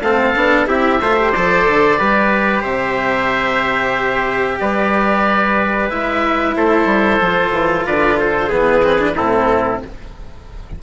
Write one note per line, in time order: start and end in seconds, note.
0.00 0.33 A3
0.00 0.35 C4
0.00 0.67 A4
0.00 0.66 F5
0.35 0.67 B3
0.35 0.66 D4
0.66 1.00 C4
0.66 0.98 E4
0.66 1.00 G4
0.66 1.32 E5
1.01 1.33 A3
1.01 1.16 F4
1.01 1.98 C5
1.16 1.32 G4
1.32 1.67 F3
1.32 1.97 A4
1.32 2.63 D5
1.67 2.00 D3
1.97 2.63 G3
1.97 5.88 G4
1.97 2.61 B4
2.61 4.58 C3
2.61 4.57 C5
2.61 4.58 E5
4.59 5.90 G3
4.59 6.56 B4
4.59 5.89 D5
5.89 6.55 G#3
5.89 7.20 E4
5.89 6.54 E5
6.55 6.85 A3
6.55 7.86 A4
6.55 7.85 C5
6.85 7.18 G3
7.20 7.51 F3
7.20 8.50 F4
7.51 7.84 E3
7.85 8.51 D3
7.85 8.19 B4
7.85 8.18 D5
8.18 8.48 A4
8.18 8.51 C5
8.48 9.16 E3
8.48 8.82 B3
8.48 9.13 G#4
8.48 9.16 B4
8.83 8.98 C4
8.98 9.15 D4
9.16 9.82 A2
9.16 9.82 C4
9.16 9.81 E4
9.16 9.82 A4